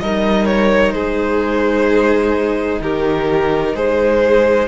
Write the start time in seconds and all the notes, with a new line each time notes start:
0.00 G3 D#4 A#4 D#5
0.46 C#5
0.92 G#3 G#4 C5
2.80 D#3 G4 A#4
3.74 G#3 G#4 C5